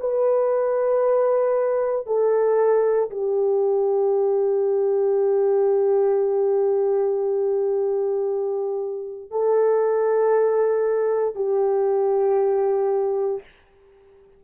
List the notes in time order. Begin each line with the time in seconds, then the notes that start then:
0.00 B4
2.06 A4
3.10 G4
9.31 A4
11.35 G4